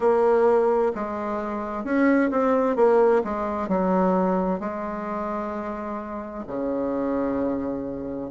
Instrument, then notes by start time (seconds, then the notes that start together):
bassoon
0.00 A#3
0.94 G#3
1.84 C#4
2.31 C4
2.76 A#3
3.23 G#3
3.68 F#3
4.59 G#3
6.47 C#3